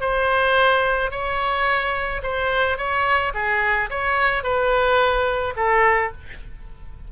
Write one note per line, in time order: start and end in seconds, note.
0.00 1.10 C5
1.10 2.21 C#5
2.22 2.77 C5
2.77 3.33 C#5
3.34 3.89 G#4
3.89 4.43 C#5
4.43 5.54 B4
5.56 6.12 A4